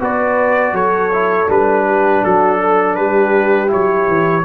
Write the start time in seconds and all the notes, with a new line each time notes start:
0.00 B3 F#4 B4 D5
0.72 F#3 A4 C#5
1.13 E4
1.48 G3 D4 B4
1.87 G4
2.22 F#3 F#4 A4
2.60 A4
2.95 G3 G4 B4
3.67 E4 C#5
3.74 F#3
4.08 E3